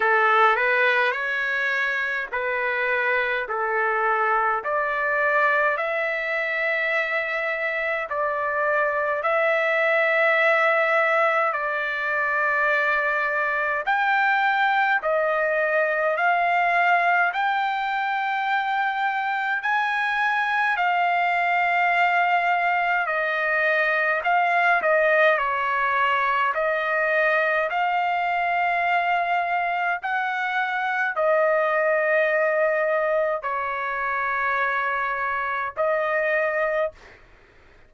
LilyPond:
\new Staff \with { instrumentName = "trumpet" } { \time 4/4 \tempo 4 = 52 a'8 b'8 cis''4 b'4 a'4 | d''4 e''2 d''4 | e''2 d''2 | g''4 dis''4 f''4 g''4~ |
g''4 gis''4 f''2 | dis''4 f''8 dis''8 cis''4 dis''4 | f''2 fis''4 dis''4~ | dis''4 cis''2 dis''4 | }